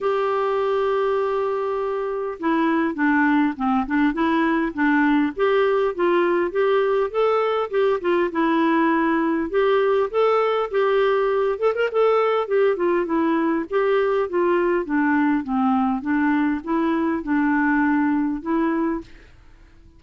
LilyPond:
\new Staff \with { instrumentName = "clarinet" } { \time 4/4 \tempo 4 = 101 g'1 | e'4 d'4 c'8 d'8 e'4 | d'4 g'4 f'4 g'4 | a'4 g'8 f'8 e'2 |
g'4 a'4 g'4. a'16 ais'16 | a'4 g'8 f'8 e'4 g'4 | f'4 d'4 c'4 d'4 | e'4 d'2 e'4 | }